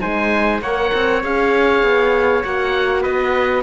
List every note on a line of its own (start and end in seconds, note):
0.00 0.61 G#3
0.00 0.61 D#4
0.00 0.62 C5
0.00 0.61 G#5
0.61 0.91 A#3
0.61 1.23 A#4
0.61 3.02 C#5
0.61 1.23 F#5
0.94 1.23 C4
1.23 1.83 C#4
1.23 2.44 G#4
1.23 2.44 F5
1.83 2.44 B3
2.44 3.05 A#3
2.44 3.63 F#4
2.44 3.03 F#5
3.02 3.63 B3
3.02 3.62 B4
3.02 3.63 D#5